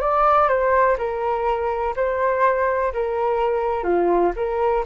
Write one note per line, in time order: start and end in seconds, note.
0.00 0.48 D5
0.48 0.96 C5
0.97 1.94 A#4
1.96 2.93 C5
2.93 3.83 A#4
3.83 4.32 F4
4.36 4.84 A#4